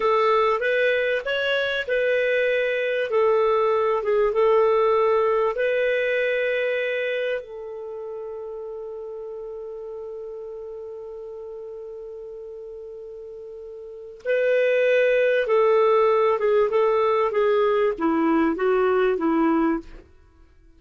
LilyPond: \new Staff \with { instrumentName = "clarinet" } { \time 4/4 \tempo 4 = 97 a'4 b'4 cis''4 b'4~ | b'4 a'4. gis'8 a'4~ | a'4 b'2. | a'1~ |
a'1~ | a'2. b'4~ | b'4 a'4. gis'8 a'4 | gis'4 e'4 fis'4 e'4 | }